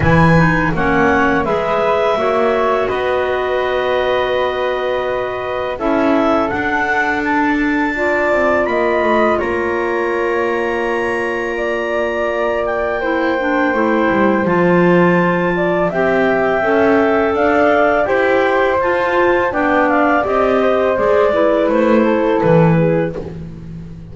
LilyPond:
<<
  \new Staff \with { instrumentName = "clarinet" } { \time 4/4 \tempo 4 = 83 gis''4 fis''4 e''2 | dis''1 | e''4 fis''4 a''2 | b''4 ais''2.~ |
ais''4. g''2~ g''8 | a''2 g''2 | f''4 g''4 a''4 g''8 f''8 | dis''4 d''4 c''4 b'4 | }
  \new Staff \with { instrumentName = "flute" } { \time 4/4 b'4 cis''4 b'4 cis''4 | b'1 | a'2. d''4 | dis''4 cis''2. |
d''2 c''2~ | c''4. d''8 e''2 | d''4 c''2 d''4~ | d''8 c''4 b'4 a'4 gis'8 | }
  \new Staff \with { instrumentName = "clarinet" } { \time 4/4 e'8 dis'8 cis'4 gis'4 fis'4~ | fis'1 | e'4 d'2 f'4~ | f'1~ |
f'2 e'8 d'8 e'4 | f'2 g'4 a'4~ | a'4 g'4 f'4 d'4 | g'4 gis'8 e'2~ e'8 | }
  \new Staff \with { instrumentName = "double bass" } { \time 4/4 e4 ais4 gis4 ais4 | b1 | cis'4 d'2~ d'8 c'8 | ais8 a8 ais2.~ |
ais2. a8 g8 | f2 c'4 cis'4 | d'4 e'4 f'4 b4 | c'4 gis4 a4 e4 | }
>>